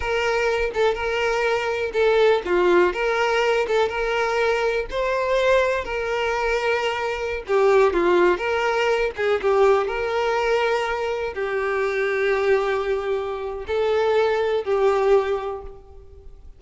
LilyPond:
\new Staff \with { instrumentName = "violin" } { \time 4/4 \tempo 4 = 123 ais'4. a'8 ais'2 | a'4 f'4 ais'4. a'8 | ais'2 c''2 | ais'2.~ ais'16 g'8.~ |
g'16 f'4 ais'4. gis'8 g'8.~ | g'16 ais'2. g'8.~ | g'1 | a'2 g'2 | }